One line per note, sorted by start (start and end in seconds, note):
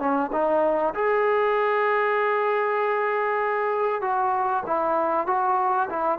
0.00 0.31 C#4
0.33 0.95 D#4
0.95 4.02 G#4
4.02 4.64 F#4
4.67 5.27 E4
5.27 5.89 F#4
5.90 6.19 E4